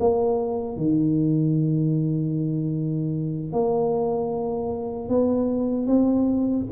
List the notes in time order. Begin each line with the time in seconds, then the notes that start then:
0.00 A#3
0.77 D#3
3.52 A#3
5.09 B3
5.87 C4